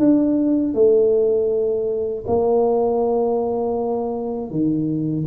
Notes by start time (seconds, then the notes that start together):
0.00 D4
0.75 A3
2.27 A#3
4.51 D#3